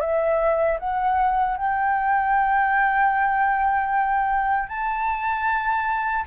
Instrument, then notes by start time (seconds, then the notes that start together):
flute
0.00 E5
0.79 F#5
1.57 G5
4.68 A5